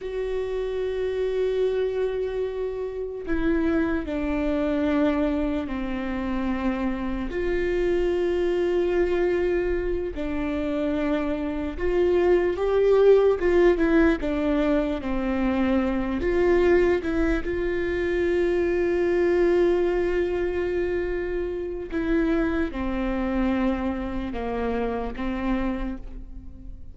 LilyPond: \new Staff \with { instrumentName = "viola" } { \time 4/4 \tempo 4 = 74 fis'1 | e'4 d'2 c'4~ | c'4 f'2.~ | f'8 d'2 f'4 g'8~ |
g'8 f'8 e'8 d'4 c'4. | f'4 e'8 f'2~ f'8~ | f'2. e'4 | c'2 ais4 c'4 | }